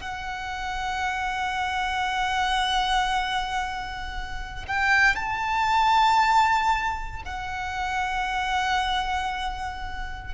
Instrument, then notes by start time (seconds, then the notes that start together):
violin
0.00 F#5
4.67 G5
5.15 A5
7.25 F#5